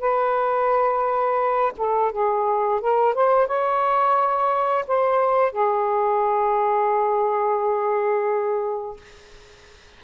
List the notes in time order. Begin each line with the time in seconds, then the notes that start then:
0.00 B4
1.77 A4
2.12 G#4
2.80 A#4
3.14 C5
3.47 C#5
4.87 C5
5.52 G#4